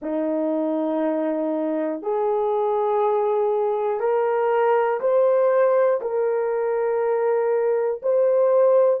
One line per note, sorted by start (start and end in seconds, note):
0.01 2.01 D#4
2.01 4.00 G#4
4.00 5.00 A#4
5.00 6.00 C5
6.01 8.01 A#4
8.02 9.00 C5